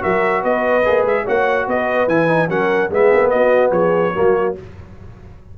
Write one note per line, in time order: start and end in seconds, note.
0.00 0.44 F#3
0.00 0.82 F#4
0.00 0.41 A#4
0.00 0.44 E5
0.41 0.85 B3
0.41 1.24 B4
0.41 1.05 D#5
0.85 1.04 A#3
0.85 1.26 G#4
1.04 1.24 G#3
1.04 1.27 E5
1.24 1.67 A#3
1.24 2.08 F#4
1.24 1.65 C#5
1.24 1.69 F#5
1.67 2.07 B3
1.67 2.50 B4
1.67 2.08 D#5
2.07 2.48 E3
2.07 2.27 E4
2.07 2.49 G#5
2.27 2.48 D#4
2.48 2.89 F#3
2.48 2.90 C#4
2.48 2.91 A#4
2.48 2.90 F#5
2.90 3.11 G#3
2.90 4.14 B3
2.90 3.32 G#4
2.90 3.30 E5
3.13 3.33 A#3
3.30 3.71 B3
3.30 3.71 F#4
3.30 3.71 D#5
3.71 4.12 F3
3.71 4.12 G#4
3.71 4.54 C#5
4.12 4.58 F#3
4.12 4.55 A#3
4.12 4.53 F#4